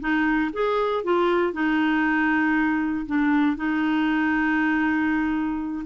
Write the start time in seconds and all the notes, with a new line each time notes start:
0.00 D#4
0.53 G#4
1.04 F4
1.53 D#4
3.06 D4
3.57 D#4